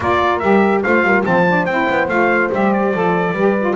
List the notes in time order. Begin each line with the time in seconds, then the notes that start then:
0.00 A#3 F4 A#4 D5
0.39 G3 G4 E5
0.83 A3 F4 C5 F5
1.02 G3 A#4
1.24 F3 C4 C5 A5
1.48 D4
1.65 C4 E4 G5
1.90 B3
2.08 A3 F4 F5
2.52 G3 G4 E5
2.73 D5
2.93 F3 A4
3.32 G3 G4 B4
3.59 F4